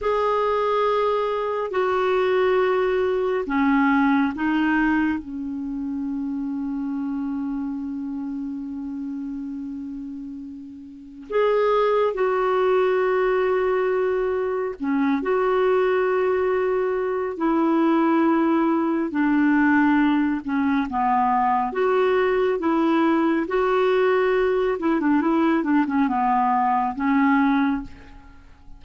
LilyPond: \new Staff \with { instrumentName = "clarinet" } { \time 4/4 \tempo 4 = 69 gis'2 fis'2 | cis'4 dis'4 cis'2~ | cis'1~ | cis'4 gis'4 fis'2~ |
fis'4 cis'8 fis'2~ fis'8 | e'2 d'4. cis'8 | b4 fis'4 e'4 fis'4~ | fis'8 e'16 d'16 e'8 d'16 cis'16 b4 cis'4 | }